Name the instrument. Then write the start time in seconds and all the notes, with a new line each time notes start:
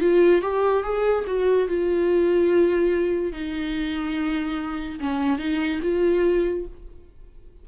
viola
0.00 F4
0.41 G4
0.83 G#4
1.26 F#4
1.67 F4
3.32 D#4
5.00 C#4
5.38 D#4
5.82 F4